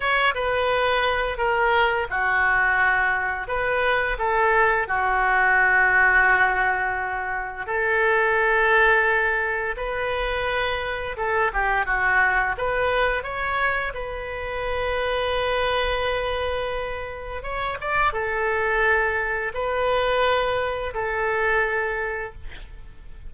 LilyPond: \new Staff \with { instrumentName = "oboe" } { \time 4/4 \tempo 4 = 86 cis''8 b'4. ais'4 fis'4~ | fis'4 b'4 a'4 fis'4~ | fis'2. a'4~ | a'2 b'2 |
a'8 g'8 fis'4 b'4 cis''4 | b'1~ | b'4 cis''8 d''8 a'2 | b'2 a'2 | }